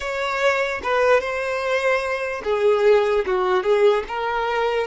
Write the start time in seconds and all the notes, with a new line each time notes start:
0.00 C#5
0.83 B4
1.20 C5
2.44 G#4
3.25 F#4
3.63 G#4
4.08 A#4